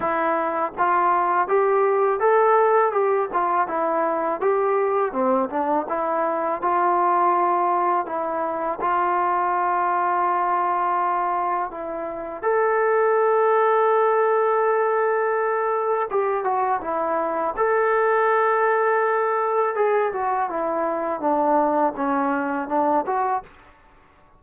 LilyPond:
\new Staff \with { instrumentName = "trombone" } { \time 4/4 \tempo 4 = 82 e'4 f'4 g'4 a'4 | g'8 f'8 e'4 g'4 c'8 d'8 | e'4 f'2 e'4 | f'1 |
e'4 a'2.~ | a'2 g'8 fis'8 e'4 | a'2. gis'8 fis'8 | e'4 d'4 cis'4 d'8 fis'8 | }